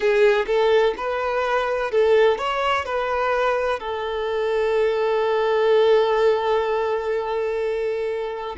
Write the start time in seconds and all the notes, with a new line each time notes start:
0.00 G#4
0.46 A4
0.97 B4
1.90 A4
2.38 C#5
2.85 B4
3.79 A4